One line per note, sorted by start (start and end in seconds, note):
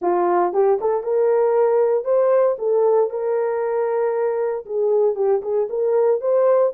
0.01 0.53 F4
0.53 0.79 G4
0.80 1.03 A4
1.03 2.04 A#4
2.04 2.56 C5
2.58 3.10 A4
3.10 4.65 A#4
4.65 5.15 G#4
5.15 5.41 G4
5.42 5.68 G#4
5.69 6.21 A#4
6.21 6.72 C5